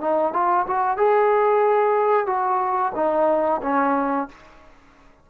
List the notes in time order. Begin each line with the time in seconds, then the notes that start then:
0.00 D#4
0.33 F4
0.66 F#4
0.97 G#4
2.26 F#4
2.95 D#4
3.62 C#4